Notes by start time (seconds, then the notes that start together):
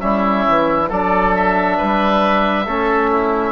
0.00 G3 C#4 E4 E5
0.48 E3
0.89 F#3 D4 A4 D5
1.35 E5
1.77 G3 B4
2.66 A3 C#4 A4
3.11 E4